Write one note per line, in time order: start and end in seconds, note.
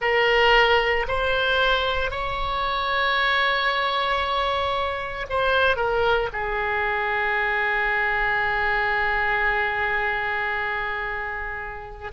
0.01 1.06 A#4
1.08 2.11 C5
2.11 5.26 C#5
5.29 5.76 C5
5.76 6.29 A#4
6.32 12.11 G#4